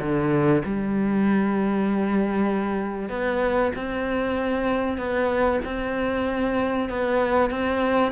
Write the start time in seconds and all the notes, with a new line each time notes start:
0.00 D3
0.65 G3
3.09 B3
3.76 C4
4.98 B3
5.65 C4
6.89 B3
7.50 C4